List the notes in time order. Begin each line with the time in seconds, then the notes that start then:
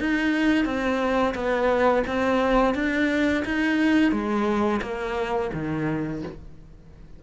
0.00 D#4
0.66 C4
1.35 B3
2.08 C4
2.75 D4
3.45 D#4
4.12 G#3
4.82 A#3
5.54 D#3